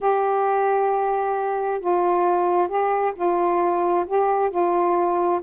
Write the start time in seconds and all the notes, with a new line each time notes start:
0.01 G4
1.80 F4
2.67 G4
3.15 F4
4.06 G4
4.50 F4